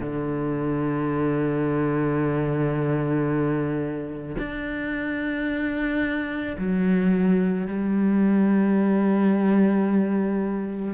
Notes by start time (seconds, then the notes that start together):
0.00 D3
4.38 D4
6.58 F#3
7.67 G3